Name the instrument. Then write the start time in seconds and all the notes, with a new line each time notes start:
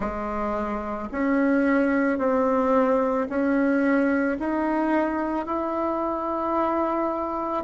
bassoon
0.00 G#3
1.12 C#4
2.18 C4
3.29 C#4
4.39 D#4
5.45 E4